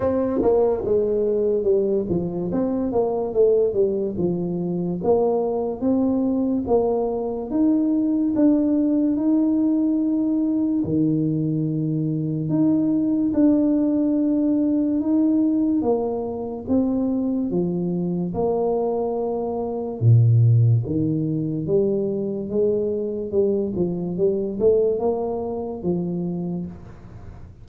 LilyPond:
\new Staff \with { instrumentName = "tuba" } { \time 4/4 \tempo 4 = 72 c'8 ais8 gis4 g8 f8 c'8 ais8 | a8 g8 f4 ais4 c'4 | ais4 dis'4 d'4 dis'4~ | dis'4 dis2 dis'4 |
d'2 dis'4 ais4 | c'4 f4 ais2 | ais,4 dis4 g4 gis4 | g8 f8 g8 a8 ais4 f4 | }